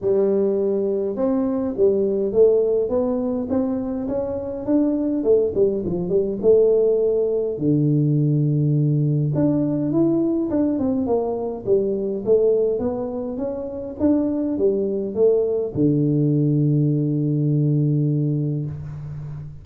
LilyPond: \new Staff \with { instrumentName = "tuba" } { \time 4/4 \tempo 4 = 103 g2 c'4 g4 | a4 b4 c'4 cis'4 | d'4 a8 g8 f8 g8 a4~ | a4 d2. |
d'4 e'4 d'8 c'8 ais4 | g4 a4 b4 cis'4 | d'4 g4 a4 d4~ | d1 | }